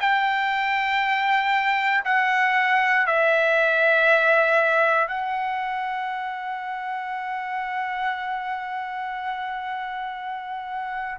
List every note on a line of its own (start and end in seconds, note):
0.00 2.03 G5
2.04 3.06 F#5
3.06 5.08 E5
5.08 11.18 F#5